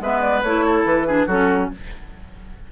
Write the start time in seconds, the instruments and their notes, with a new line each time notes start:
0.00 bassoon G#3, clarinet B3, oboe B4, flute E5
0.20 flute D5
0.42 bassoon A3, clarinet E4, flute C#5
0.65 oboe A4
0.84 bassoon E3, flute B4
1.06 clarinet D4, oboe G#4
1.27 bassoon F#3, clarinet C#4, oboe F#4, flute A4